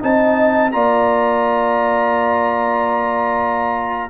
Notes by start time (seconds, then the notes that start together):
0.00 C4 D#4 D#5 A5
0.72 A#3 F4 D5 A#5